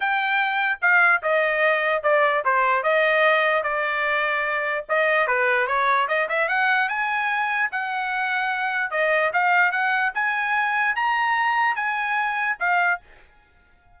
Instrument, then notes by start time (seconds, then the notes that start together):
trumpet
0.00 G5
0.81 F5
1.22 D#5
2.03 D5
2.44 C5
2.83 D#5
3.63 D5
4.89 D#5
5.27 B4
5.67 C#5
6.08 D#5
6.29 E5
6.48 F#5
6.88 G#5
7.71 F#5
8.90 D#5
9.33 F5
9.71 F#5
10.14 G#5
10.95 A#5
11.75 G#5
12.59 F5